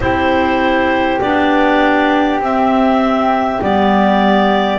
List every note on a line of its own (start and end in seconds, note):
0.00 1.19 C4
0.00 1.21 E4
0.00 4.78 G4
0.00 1.20 C5
1.20 2.39 B3
1.20 2.42 D4
1.20 2.40 D5
2.39 3.59 C4
2.39 3.60 C4
2.39 3.62 E5
3.60 4.78 G3
3.60 4.78 B3
3.60 4.78 D5